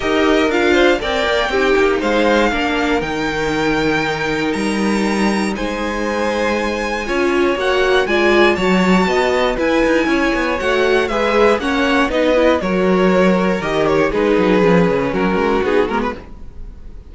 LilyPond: <<
  \new Staff \with { instrumentName = "violin" } { \time 4/4 \tempo 4 = 119 dis''4 f''4 g''2 | f''2 g''2~ | g''4 ais''2 gis''4~ | gis''2. fis''4 |
gis''4 a''2 gis''4~ | gis''4 fis''4 e''4 fis''4 | dis''4 cis''2 dis''8 cis''8 | b'2 ais'4 gis'8 ais'16 b'16 | }
  \new Staff \with { instrumentName = "violin" } { \time 4/4 ais'4. c''8 d''4 g'4 | c''4 ais'2.~ | ais'2. c''4~ | c''2 cis''2 |
d''4 cis''4 dis''4 b'4 | cis''2 b'4 cis''4 | b'4 ais'2. | gis'2 fis'2 | }
  \new Staff \with { instrumentName = "viola" } { \time 4/4 g'4 f'4 ais'4 dis'4~ | dis'4 d'4 dis'2~ | dis'1~ | dis'2 f'4 fis'4 |
f'4 fis'2 e'4~ | e'4 fis'4 gis'4 cis'4 | dis'8 e'8 fis'2 g'4 | dis'4 cis'2 dis'8 b8 | }
  \new Staff \with { instrumentName = "cello" } { \time 4/4 dis'4 d'4 c'8 ais8 c'8 ais8 | gis4 ais4 dis2~ | dis4 g2 gis4~ | gis2 cis'4 ais4 |
gis4 fis4 b4 e'8 dis'8 | cis'8 b8 a4 gis4 ais4 | b4 fis2 dis4 | gis8 fis8 f8 cis8 fis8 gis8 b8 gis8 | }
>>